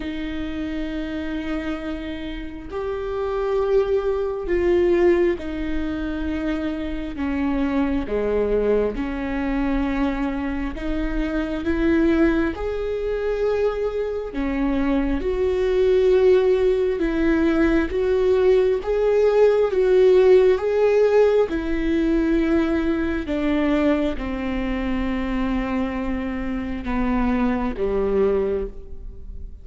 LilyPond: \new Staff \with { instrumentName = "viola" } { \time 4/4 \tempo 4 = 67 dis'2. g'4~ | g'4 f'4 dis'2 | cis'4 gis4 cis'2 | dis'4 e'4 gis'2 |
cis'4 fis'2 e'4 | fis'4 gis'4 fis'4 gis'4 | e'2 d'4 c'4~ | c'2 b4 g4 | }